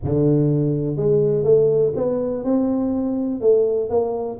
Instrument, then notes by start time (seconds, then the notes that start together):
tuba
0.03 D3
0.96 G#3
1.44 A3
1.96 B3
2.43 C4
3.40 A3
3.89 A#3